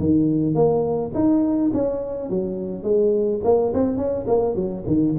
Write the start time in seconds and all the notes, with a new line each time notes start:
0.00 D#3
0.55 A#3
1.15 D#4
1.74 C#4
2.30 F#3
2.84 G#3
3.45 A#3
3.74 C4
3.98 C#4
4.28 A#3
4.56 F#3
4.87 D#3